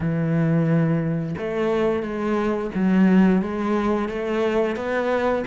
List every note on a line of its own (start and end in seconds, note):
0.00 1.35 E3
1.38 2.02 A3
2.02 2.71 G#3
2.75 3.42 F#3
3.42 4.08 G#3
4.08 4.75 A3
4.75 5.44 B3